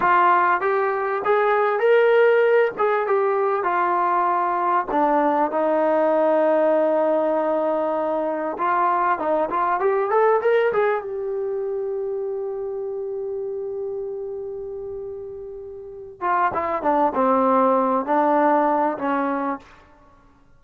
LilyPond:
\new Staff \with { instrumentName = "trombone" } { \time 4/4 \tempo 4 = 98 f'4 g'4 gis'4 ais'4~ | ais'8 gis'8 g'4 f'2 | d'4 dis'2.~ | dis'2 f'4 dis'8 f'8 |
g'8 a'8 ais'8 gis'8 g'2~ | g'1~ | g'2~ g'8 f'8 e'8 d'8 | c'4. d'4. cis'4 | }